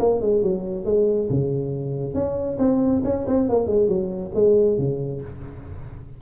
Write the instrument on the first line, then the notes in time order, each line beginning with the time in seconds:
tuba
0.00 A#3
0.22 G#3
0.43 F#3
0.86 G#3
1.30 C#3
2.15 C#4
2.59 C4
3.05 C#4
3.28 C4
3.49 A#3
3.67 G#3
3.89 F#3
4.35 G#3
4.78 C#3